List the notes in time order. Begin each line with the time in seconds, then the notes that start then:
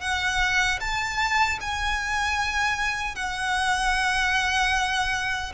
0.00 F#5
0.80 A5
1.60 G#5
3.15 F#5